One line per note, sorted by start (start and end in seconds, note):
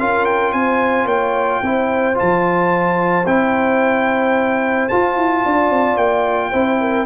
0.00 0.53 C#4
0.00 1.64 F4
0.00 0.54 A#4
0.00 0.25 F5
0.25 0.52 G5
0.52 1.05 C4
0.52 1.06 C5
0.52 1.07 G#5
1.05 1.60 A#3
1.05 1.60 C#5
1.05 2.16 G5
1.62 2.17 C4
1.62 2.14 E4
1.62 5.43 C5
2.14 3.23 F4
2.14 3.26 A5
2.21 3.26 F3
3.26 4.89 C4
3.26 4.90 E4
3.26 4.89 G5
4.89 6.52 F4
4.89 5.16 F4
4.89 5.97 A5
5.16 5.44 E4
5.46 5.70 D4
5.46 6.51 D5
5.70 5.97 C4
5.97 6.52 A#3
5.97 7.06 G5
6.51 7.06 C4
6.51 7.06 E4
6.51 6.78 C5
6.80 7.06 A#4